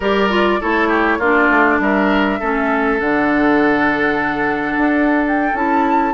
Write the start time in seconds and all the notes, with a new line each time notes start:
0.00 G3 G4 A#4 D5
0.29 F4
0.60 A3 E4 A4 C#5
0.88 G4
1.18 A#3 D4 F4 D5
1.49 A3
1.79 G3 A#4 E5
2.39 A3 C#4 A4
2.99 D3 D4 F#5
4.76 D4
5.27 G5
5.53 C#4 E4 A5